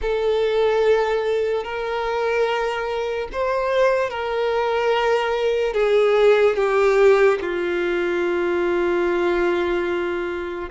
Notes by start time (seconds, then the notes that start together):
0.01 A4
1.64 A#4
3.32 C5
4.09 A#4
5.73 G#4
6.56 G4
7.41 F4